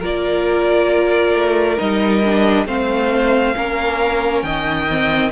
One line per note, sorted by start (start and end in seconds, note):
0.00 1.34 A#3
0.00 1.77 F4
0.00 2.65 A#4
0.00 1.79 D5
1.34 1.78 A3
1.77 2.66 G3
1.77 2.22 D#4
1.77 2.67 D#5
2.25 2.67 D4
2.66 3.54 A3
2.66 3.55 C4
2.66 3.56 C5
2.66 4.42 F5
3.55 4.43 A#3
3.55 4.87 C#4
3.55 4.45 A#4
4.42 5.31 D#3
4.42 5.32 D#5
4.42 5.30 G5
4.91 5.32 C4